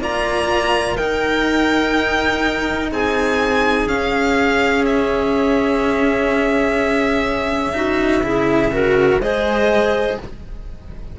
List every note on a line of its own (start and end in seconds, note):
0.00 0.97 A#3
0.00 0.98 F4
0.00 0.95 D5
0.00 0.97 A#5
0.95 3.87 D#4
0.95 2.92 D#4
0.95 2.89 A#4
0.95 2.90 G5
2.92 3.87 C4
2.92 7.75 G#4
2.92 3.88 G#5
3.87 8.20 C#4
3.87 7.73 C#4
3.87 4.85 F5
4.86 9.21 E5
7.73 8.22 D#4
7.73 8.24 F#4
8.20 9.17 C#3
8.20 8.72 E4
8.20 8.72 G#4
8.72 9.20 F#4
8.72 9.21 A#4
9.20 10.17 G#3
9.20 10.19 G#4
9.20 10.18 C5
9.20 10.18 D#5